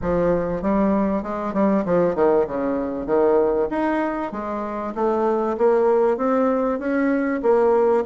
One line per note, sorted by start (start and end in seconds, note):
0.01 0.62 F3
0.62 1.22 G3
1.22 1.53 G#3
1.53 1.84 G3
1.85 2.15 F3
2.15 2.46 D#3
2.47 3.06 C#3
3.06 3.68 D#3
3.70 4.32 D#4
4.32 4.93 G#3
4.95 5.56 A3
5.57 6.17 A#3
6.17 6.79 C4
6.79 7.41 C#4
7.42 8.04 A#3